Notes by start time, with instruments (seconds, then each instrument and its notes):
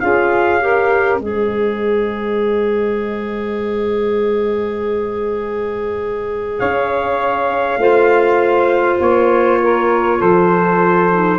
0.00 tuba C#4, clarinet F4, saxophone G#4, trumpet F5
0.60 clarinet G4, saxophone A#4
1.19 tuba G#3, clarinet G#4, saxophone C5, trumpet D#5
6.59 tuba C#4, saxophone C#5, trumpet F5
7.77 tuba A3, clarinet F4, saxophone C5
9.00 tuba A#3, trumpet C#5
9.62 saxophone A#4
10.18 tuba F3, saxophone A4, trumpet C5
11.12 clarinet D#4